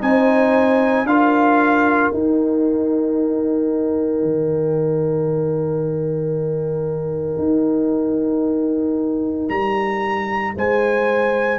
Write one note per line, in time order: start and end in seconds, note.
0.00 1.04 C4
0.00 1.05 D#4
0.00 1.08 C5
0.00 1.06 G#5
1.04 2.09 D4
1.04 2.13 F4
1.04 10.56 A#4
1.04 2.11 F5
2.11 11.59 D#4
2.11 4.22 D#4
2.11 9.48 G5
4.22 7.38 D#3
7.38 9.48 D#4
9.49 10.54 G3
9.49 10.54 A#5
10.56 11.59 G#3
10.56 11.59 C5
10.56 11.59 G#5